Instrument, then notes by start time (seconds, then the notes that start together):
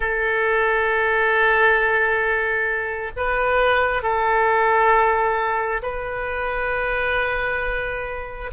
oboe
0.00 A4
3.16 B4
4.02 A4
5.82 B4